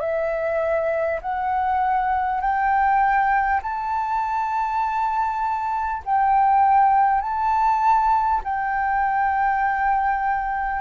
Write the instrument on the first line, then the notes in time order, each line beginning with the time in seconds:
flute
0.00 E5
1.21 F#5
2.41 G5
3.62 A5
6.05 G5
7.21 A5
8.44 G5